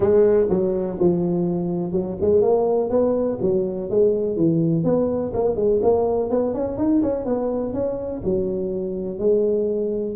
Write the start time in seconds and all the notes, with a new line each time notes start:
0.00 G#3
0.49 F#3
0.99 F3
1.92 F#3
2.20 G#3
2.41 A#3
2.89 B3
3.41 F#3
3.90 G#3
4.36 E3
4.84 B3
5.33 A#3
5.56 G#3
5.82 A#3
6.30 B3
6.54 C#4
6.77 D#4
7.02 C#4
7.25 B3
7.73 C#4
8.24 F#3
9.18 G#3